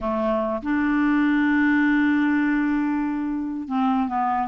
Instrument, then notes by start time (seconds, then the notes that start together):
clarinet
0.00 A3
0.62 D4
3.68 C4
4.08 B3